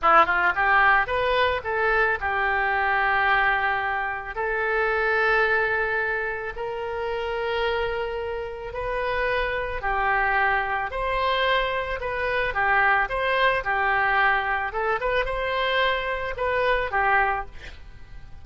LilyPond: \new Staff \with { instrumentName = "oboe" } { \time 4/4 \tempo 4 = 110 e'8 f'8 g'4 b'4 a'4 | g'1 | a'1 | ais'1 |
b'2 g'2 | c''2 b'4 g'4 | c''4 g'2 a'8 b'8 | c''2 b'4 g'4 | }